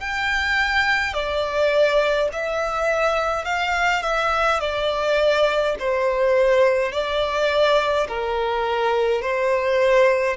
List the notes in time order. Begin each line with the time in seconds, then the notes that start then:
0.00 G5
1.14 D5
2.33 E5
3.45 F5
4.03 E5
4.60 D5
5.80 C5
6.92 D5
8.08 A#4
9.22 C5